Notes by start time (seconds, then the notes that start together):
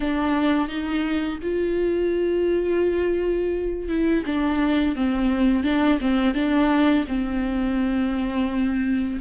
0.00 D4
0.68 D#4
1.42 F4
3.88 E4
4.25 D4
4.95 C4
5.63 D4
6.00 C4
6.34 D4
7.07 C4